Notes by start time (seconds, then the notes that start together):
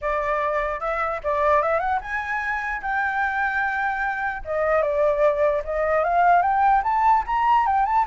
0.01 D5
0.80 E5
1.23 D5
1.62 E5
1.79 F#5
2.01 G#5
2.82 G5
4.44 D#5
4.81 D5
5.64 D#5
6.04 F5
6.42 G5
6.83 A5
7.26 A#5
7.66 G5
7.85 A5